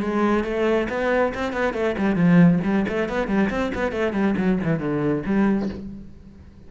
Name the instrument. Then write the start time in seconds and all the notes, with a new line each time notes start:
cello
0.00 G#3
0.44 A3
0.89 B3
1.34 C4
1.52 B3
1.73 A3
1.98 G3
2.15 F3
2.63 G3
2.88 A3
3.09 B3
3.27 G3
3.50 C4
3.74 B3
3.92 A3
4.12 G3
4.37 F#3
4.63 E3
4.79 D3
5.25 G3